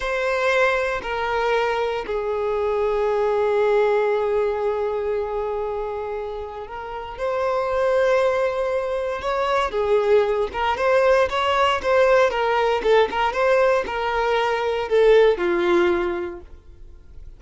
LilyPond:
\new Staff \with { instrumentName = "violin" } { \time 4/4 \tempo 4 = 117 c''2 ais'2 | gis'1~ | gis'1~ | gis'4 ais'4 c''2~ |
c''2 cis''4 gis'4~ | gis'8 ais'8 c''4 cis''4 c''4 | ais'4 a'8 ais'8 c''4 ais'4~ | ais'4 a'4 f'2 | }